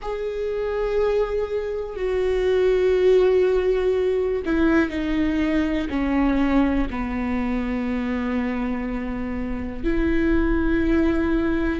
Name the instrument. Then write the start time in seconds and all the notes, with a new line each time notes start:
viola
0.01 G#4
1.96 F#4
4.45 E4
4.89 D#4
5.89 C#4
6.90 B3
9.84 E4